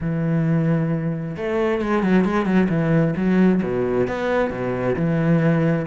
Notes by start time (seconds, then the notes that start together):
0.01 E3
1.37 A3
1.81 G#3
2.02 F#3
2.25 G#3
2.45 F#3
2.69 E3
3.16 F#3
3.62 B2
4.07 B3
4.50 B2
4.96 E3